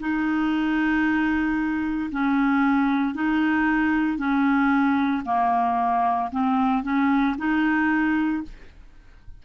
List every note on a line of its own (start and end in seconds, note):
0.00 2.11 D#4
2.11 3.14 C#4
3.14 4.18 D#4
4.18 5.23 C#4
5.25 6.30 A#3
6.31 6.83 C4
6.83 7.36 C#4
7.38 8.43 D#4